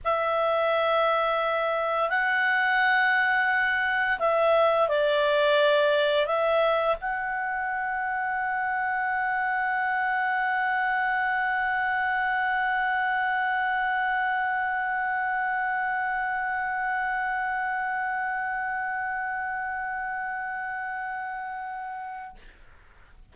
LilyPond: \new Staff \with { instrumentName = "clarinet" } { \time 4/4 \tempo 4 = 86 e''2. fis''4~ | fis''2 e''4 d''4~ | d''4 e''4 fis''2~ | fis''1~ |
fis''1~ | fis''1~ | fis''1~ | fis''1 | }